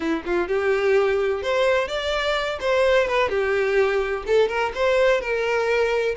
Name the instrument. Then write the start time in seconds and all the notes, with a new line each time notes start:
violin
0.00 E4
0.25 F4
0.47 G4
1.42 C5
1.88 D5
2.60 C5
3.07 B4
3.29 G4
4.26 A4
4.48 A#4
4.74 C5
5.20 A#4